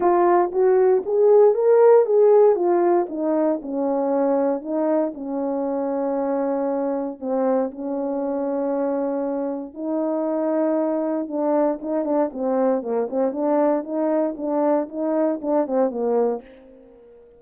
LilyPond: \new Staff \with { instrumentName = "horn" } { \time 4/4 \tempo 4 = 117 f'4 fis'4 gis'4 ais'4 | gis'4 f'4 dis'4 cis'4~ | cis'4 dis'4 cis'2~ | cis'2 c'4 cis'4~ |
cis'2. dis'4~ | dis'2 d'4 dis'8 d'8 | c'4 ais8 c'8 d'4 dis'4 | d'4 dis'4 d'8 c'8 ais4 | }